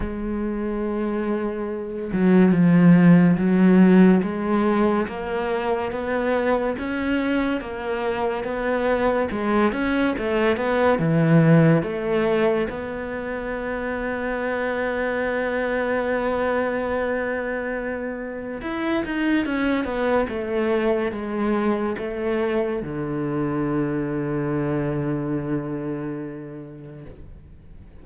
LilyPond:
\new Staff \with { instrumentName = "cello" } { \time 4/4 \tempo 4 = 71 gis2~ gis8 fis8 f4 | fis4 gis4 ais4 b4 | cis'4 ais4 b4 gis8 cis'8 | a8 b8 e4 a4 b4~ |
b1~ | b2 e'8 dis'8 cis'8 b8 | a4 gis4 a4 d4~ | d1 | }